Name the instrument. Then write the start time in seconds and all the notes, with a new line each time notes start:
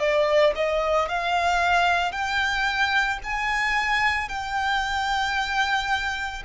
violin
0.00 D5
0.56 D#5
1.09 F5
2.12 G5
3.23 G#5
4.29 G5